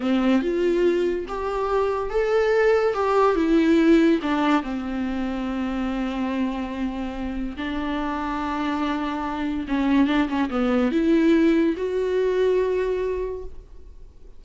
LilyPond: \new Staff \with { instrumentName = "viola" } { \time 4/4 \tempo 4 = 143 c'4 f'2 g'4~ | g'4 a'2 g'4 | e'2 d'4 c'4~ | c'1~ |
c'2 d'2~ | d'2. cis'4 | d'8 cis'8 b4 e'2 | fis'1 | }